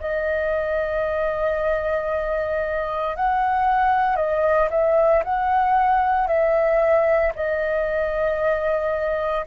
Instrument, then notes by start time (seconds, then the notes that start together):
flute
0.00 D#5
3.16 F#5
4.16 D#5
4.70 E5
5.24 F#5
6.27 E5
7.35 D#5